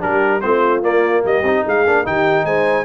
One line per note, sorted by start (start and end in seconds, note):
0.00 0.43 G3
0.00 0.41 D4
0.00 0.41 G4
0.00 0.41 A#4
0.41 0.83 A3
0.41 0.82 C4
0.41 1.24 F4
0.41 0.82 C5
0.82 1.43 A#3
0.82 1.23 A#3
0.82 1.24 D5
1.24 1.42 G3
1.24 1.65 G4
1.24 1.66 D#5
1.42 1.62 C4
1.42 1.86 D#4
1.65 1.86 G#3
1.65 2.06 G#4
1.65 2.06 F5
1.86 2.06 A#3
1.86 2.04 D4
2.04 2.45 D#3
2.04 2.85 D#4
2.04 2.45 G4
2.04 2.45 G5
2.45 2.85 G#3
2.45 2.85 C5
2.45 2.85 G#5